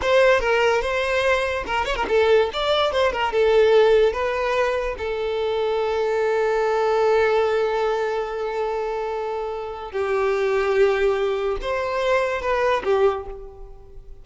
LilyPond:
\new Staff \with { instrumentName = "violin" } { \time 4/4 \tempo 4 = 145 c''4 ais'4 c''2 | ais'8 cis''16 ais'16 a'4 d''4 c''8 ais'8 | a'2 b'2 | a'1~ |
a'1~ | a'1 | g'1 | c''2 b'4 g'4 | }